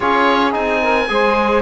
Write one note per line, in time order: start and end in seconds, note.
0.00 0.55 C#4
0.00 0.51 F4
0.00 0.80 G#4
0.00 0.53 C#5
0.51 1.09 C4
0.51 1.06 D#4
0.51 1.62 G#5
0.82 1.09 A#4
1.09 1.62 G#3
1.09 1.62 G#4
1.09 1.62 C5